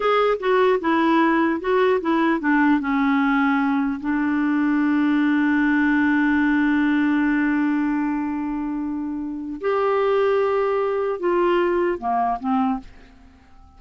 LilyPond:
\new Staff \with { instrumentName = "clarinet" } { \time 4/4 \tempo 4 = 150 gis'4 fis'4 e'2 | fis'4 e'4 d'4 cis'4~ | cis'2 d'2~ | d'1~ |
d'1~ | d'1 | g'1 | f'2 ais4 c'4 | }